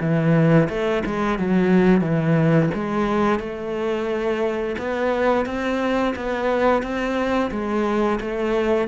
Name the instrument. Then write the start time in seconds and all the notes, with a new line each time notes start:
cello
0.00 E3
0.69 A3
1.05 G#3
1.38 F#3
2.01 E3
2.74 G#3
3.39 A3
4.78 B3
5.45 C4
6.15 B3
6.82 C4
7.51 G#3
8.20 A3